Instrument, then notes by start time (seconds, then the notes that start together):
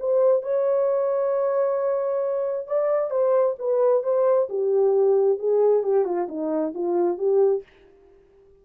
horn
0.00 C5
0.43 C#5
2.67 D5
3.11 C5
3.59 B4
4.04 C5
4.49 G4
5.39 G#4
5.83 G4
6.05 F4
6.29 D#4
6.74 F4
7.18 G4